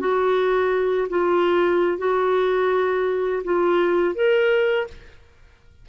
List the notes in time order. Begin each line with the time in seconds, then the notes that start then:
0.00 F#4
1.09 F4
1.98 F#4
3.44 F4
4.15 A#4